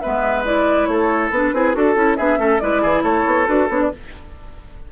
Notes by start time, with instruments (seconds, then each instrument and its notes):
0.00 bassoon G#3, clarinet B3, oboe B4, flute E5
0.45 clarinet E4, flute D5
0.86 bassoon A3, oboe A4, flute C#5
1.30 bassoon B3, clarinet D4, flute B4
1.53 bassoon C4, clarinet E4, oboe G#4
1.74 bassoon D4, clarinet F#4, flute A4, oboe A4
1.95 bassoon C#4, clarinet E4
2.16 bassoon B3, clarinet D4, oboe G#4, flute E5
2.36 bassoon A3, clarinet C#4, oboe A4
2.59 bassoon G#3, clarinet E4, oboe B4, flute D5
2.82 bassoon E3, oboe G#4
3.03 bassoon A3, oboe A4, flute C#5
3.26 bassoon B3
3.46 bassoon D4, clarinet F#4, flute B4
3.69 bassoon B3, clarinet D4, flute C#5
3.81 flute D5